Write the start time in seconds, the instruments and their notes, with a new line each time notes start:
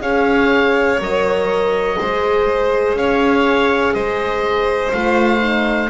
0.00 double bass C#4, horn G#4, violin C#5, oboe F5
0.99 double bass F#3, horn A#4, oboe D#5
1.98 double bass G#3, horn G#4, violin C5
2.94 double bass C#4, violin C#5, oboe F5
3.93 double bass G#3, violin C5, oboe D#5
4.92 double bass A3, horn F4, oboe F5
5.39 horn D#4